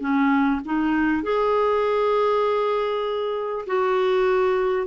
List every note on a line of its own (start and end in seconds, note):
0.00 0.61 C#4
0.65 1.23 D#4
1.23 3.65 G#4
3.67 4.87 F#4